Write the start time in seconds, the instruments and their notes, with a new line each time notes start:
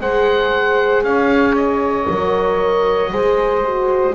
0.00 double bass G#3, horn G#4, saxophone C5, oboe F#5
1.03 double bass C#4, saxophone C#5, oboe F5
1.56 oboe D#5
2.09 double bass F#3, horn A#4
3.12 double bass G#3, horn G#4, saxophone C5
3.64 horn F#4